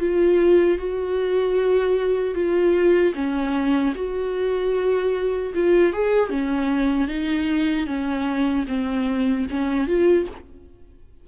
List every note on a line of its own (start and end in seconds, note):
0.00 0.78 F4
0.78 2.35 F#4
2.35 3.14 F4
3.15 3.94 C#4
3.95 5.53 F#4
5.55 5.93 F4
5.93 6.30 G#4
6.30 7.08 C#4
7.08 7.87 D#4
7.87 8.66 C#4
8.68 9.47 C4
9.50 9.88 C#4
9.88 10.27 F4